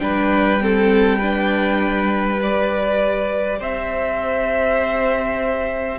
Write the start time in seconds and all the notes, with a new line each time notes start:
0.00 G3 D4 B4 G5
0.61 C4 A4
1.19 D4 B4
2.39 G4 D5
3.59 C4 C5 E5